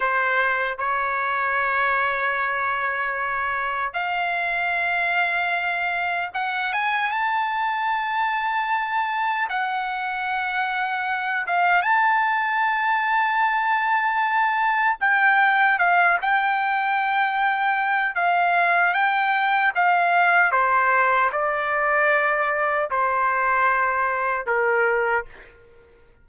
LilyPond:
\new Staff \with { instrumentName = "trumpet" } { \time 4/4 \tempo 4 = 76 c''4 cis''2.~ | cis''4 f''2. | fis''8 gis''8 a''2. | fis''2~ fis''8 f''8 a''4~ |
a''2. g''4 | f''8 g''2~ g''8 f''4 | g''4 f''4 c''4 d''4~ | d''4 c''2 ais'4 | }